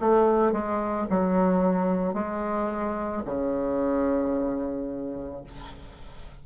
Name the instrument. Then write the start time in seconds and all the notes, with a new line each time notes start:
bassoon
0.00 A3
0.52 G#3
1.10 F#3
2.14 G#3
3.25 C#3